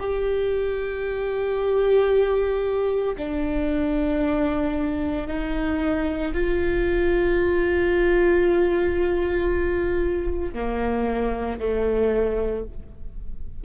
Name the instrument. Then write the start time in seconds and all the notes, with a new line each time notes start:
viola
0.00 G4
3.17 D4
5.27 D#4
6.33 F4
10.54 A#3
11.59 A3